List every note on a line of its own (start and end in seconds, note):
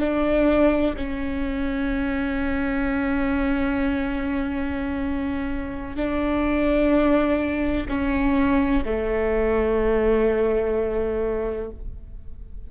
0.00 0.95 D4
0.97 5.97 C#4
5.97 7.87 D4
7.89 8.84 C#4
8.85 11.71 A3